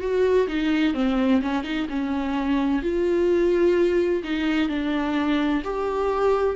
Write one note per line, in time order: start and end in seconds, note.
0.00 0.47 F#4
0.47 0.94 D#4
0.94 1.41 C4
1.41 1.63 C#4
1.63 1.87 D#4
1.89 2.82 C#4
2.82 4.22 F4
4.23 4.69 D#4
4.69 5.62 D4
5.63 6.56 G4